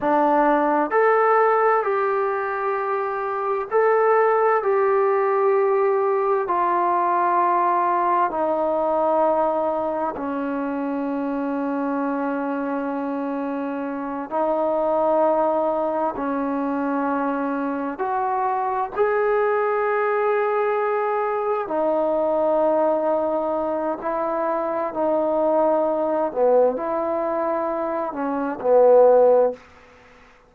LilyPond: \new Staff \with { instrumentName = "trombone" } { \time 4/4 \tempo 4 = 65 d'4 a'4 g'2 | a'4 g'2 f'4~ | f'4 dis'2 cis'4~ | cis'2.~ cis'8 dis'8~ |
dis'4. cis'2 fis'8~ | fis'8 gis'2. dis'8~ | dis'2 e'4 dis'4~ | dis'8 b8 e'4. cis'8 b4 | }